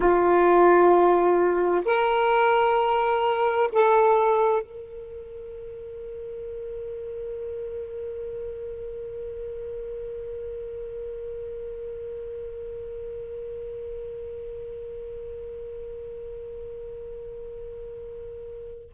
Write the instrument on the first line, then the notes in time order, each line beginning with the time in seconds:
saxophone
0.00 F4
1.85 A#4
3.72 A4
4.62 A#4